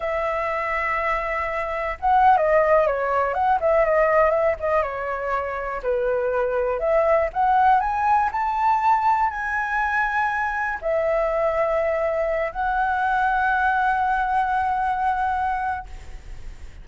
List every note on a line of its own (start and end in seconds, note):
0.00 1.97 E5
2.00 2.37 F#5
2.37 2.86 D#5
2.86 3.34 C#5
3.34 3.59 F#5
3.60 3.84 E5
3.84 4.30 D#5
4.30 4.55 E5
4.60 4.82 D#5
4.82 5.81 C#5
5.82 6.79 B4
6.79 7.29 E5
7.33 7.80 F#5
7.80 8.30 G#5
8.32 9.30 A5
9.30 10.78 G#5
10.81 12.51 E5
12.51 15.86 F#5